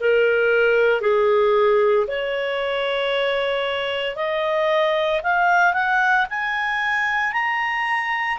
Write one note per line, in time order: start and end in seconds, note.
0.00 1.01 A#4
1.01 2.06 G#4
2.07 4.16 C#5
4.16 5.21 D#5
5.23 5.73 F5
5.73 6.26 F#5
6.30 7.33 G#5
7.33 8.38 A#5